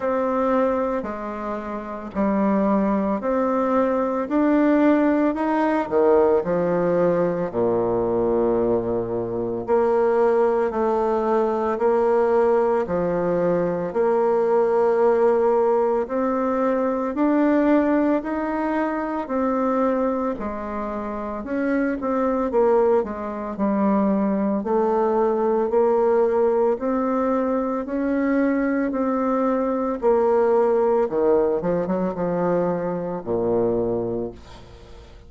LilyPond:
\new Staff \with { instrumentName = "bassoon" } { \time 4/4 \tempo 4 = 56 c'4 gis4 g4 c'4 | d'4 dis'8 dis8 f4 ais,4~ | ais,4 ais4 a4 ais4 | f4 ais2 c'4 |
d'4 dis'4 c'4 gis4 | cis'8 c'8 ais8 gis8 g4 a4 | ais4 c'4 cis'4 c'4 | ais4 dis8 f16 fis16 f4 ais,4 | }